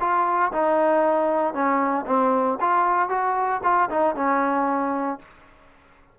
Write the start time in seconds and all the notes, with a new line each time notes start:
0.00 F4
0.52 D#4
1.54 C#4
2.06 C4
2.60 F4
3.09 F#4
3.63 F4
3.90 D#4
4.15 C#4